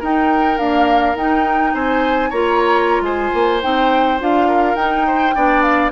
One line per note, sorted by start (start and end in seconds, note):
0.00 0.58 D#4
0.00 0.60 D#4
0.00 1.73 A#4
0.00 0.58 G5
0.58 1.17 A#3
0.58 1.15 D4
0.58 1.16 F5
1.15 1.73 D#4
1.15 2.33 D#4
1.15 1.74 G5
1.74 2.31 C4
1.74 2.30 C5
1.74 2.31 G#5
2.30 3.01 A#3
2.30 3.61 F4
2.30 3.02 C#5
2.30 3.03 A#5
3.01 3.30 G#3
3.01 4.48 C5
3.01 3.61 G#5
3.34 3.63 A#3
3.61 4.21 C4
3.61 4.19 D#4
3.61 4.20 G5
4.19 4.75 D4
4.19 4.77 F4
4.19 4.75 F5
4.48 5.06 A#4
4.75 5.33 D#4
4.75 5.35 D#4
4.75 5.62 G5
5.07 5.35 C5
5.35 5.91 B3
5.35 5.91 D4
5.35 5.91 D5
5.62 5.91 F5